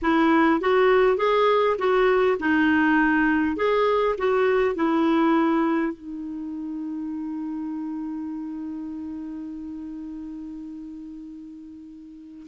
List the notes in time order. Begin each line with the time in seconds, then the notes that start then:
0.01 E4
0.60 F#4
1.17 G#4
1.78 F#4
2.39 D#4
3.56 G#4
4.18 F#4
4.75 E4
5.93 D#4